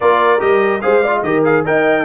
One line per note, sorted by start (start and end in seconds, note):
0.00 0.41 A#3
0.00 0.39 F4
0.00 0.83 A#4
0.00 0.40 D5
0.39 0.83 G3
0.39 0.80 G4
0.39 0.81 D#5
0.81 1.23 G#3
0.81 1.02 G#4
0.81 1.02 C5
0.81 1.22 F5
1.02 1.24 F4
1.02 1.12 D5
1.12 1.23 D#5
1.23 1.64 D#3
1.23 1.45 G4
1.23 1.65 A#4
1.23 1.43 D#5
1.44 1.65 G#4
1.44 1.64 F5
1.65 2.04 D#4
1.65 2.04 A#4
1.65 2.04 D#5
1.65 2.04 G5